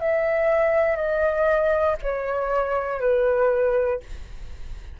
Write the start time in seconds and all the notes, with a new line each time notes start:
0.00 E5
0.95 D#5
2.02 C#5
3.00 B4